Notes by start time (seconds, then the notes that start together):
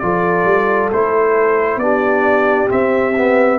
0.00 F3 F4 A4 D5
0.45 G3
0.93 A3 E4 C5
1.77 B3 D4 G4 D5
2.68 C4 E5
3.17 B3